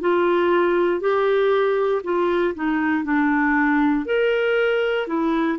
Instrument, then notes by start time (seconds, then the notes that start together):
clarinet
0.00 F4
1.00 G4
2.03 F4
2.54 D#4
3.04 D4
4.05 A#4
5.07 E4